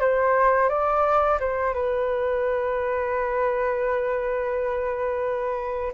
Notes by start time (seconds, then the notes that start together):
0.00 C5
0.69 D5
1.40 C5
1.74 B4